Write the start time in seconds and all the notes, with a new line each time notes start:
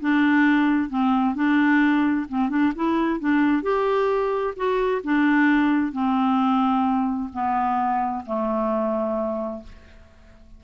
0.00 D4
0.89 C4
1.35 D4
2.29 C4
2.49 D4
2.75 E4
3.20 D4
3.63 G4
4.56 F#4
5.04 D4
5.92 C4
7.33 B3
8.26 A3